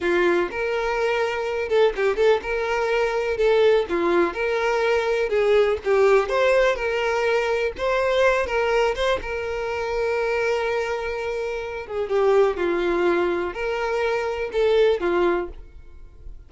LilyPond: \new Staff \with { instrumentName = "violin" } { \time 4/4 \tempo 4 = 124 f'4 ais'2~ ais'8 a'8 | g'8 a'8 ais'2 a'4 | f'4 ais'2 gis'4 | g'4 c''4 ais'2 |
c''4. ais'4 c''8 ais'4~ | ais'1~ | ais'8 gis'8 g'4 f'2 | ais'2 a'4 f'4 | }